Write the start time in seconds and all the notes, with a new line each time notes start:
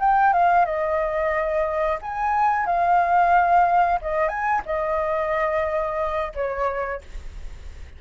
0.00 G5
0.33 F5
0.65 D#5
2.02 G#5
2.66 F5
4.02 D#5
4.28 G#5
4.66 D#5
6.35 C#5